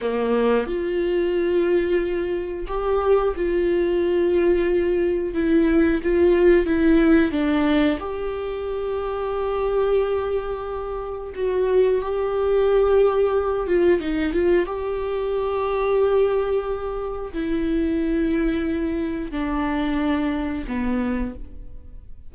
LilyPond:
\new Staff \with { instrumentName = "viola" } { \time 4/4 \tempo 4 = 90 ais4 f'2. | g'4 f'2. | e'4 f'4 e'4 d'4 | g'1~ |
g'4 fis'4 g'2~ | g'8 f'8 dis'8 f'8 g'2~ | g'2 e'2~ | e'4 d'2 b4 | }